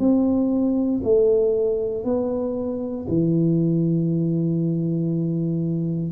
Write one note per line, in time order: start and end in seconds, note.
0.00 1.02 C4
1.04 2.05 A3
2.05 3.06 B3
3.09 6.12 E3